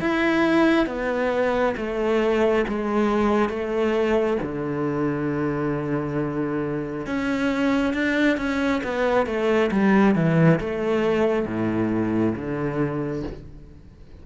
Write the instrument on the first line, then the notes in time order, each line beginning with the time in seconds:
cello
0.00 E4
0.86 B3
1.76 A3
2.68 G#3
3.49 A3
4.42 D3
7.06 C#4
7.93 D4
8.37 C#4
8.83 B3
9.26 A3
9.71 G3
10.15 E3
10.60 A3
11.45 A2
12.35 D3